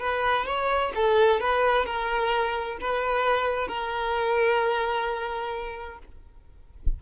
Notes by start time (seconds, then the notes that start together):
0.00 B4
0.46 C#5
0.95 A4
1.41 B4
1.87 A#4
2.81 B4
3.68 A#4